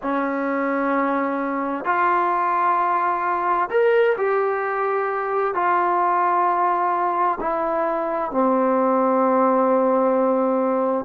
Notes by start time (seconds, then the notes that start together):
0.02 C#4
1.84 F4
3.70 A#4
4.17 G4
5.54 F4
7.40 E4
8.31 C4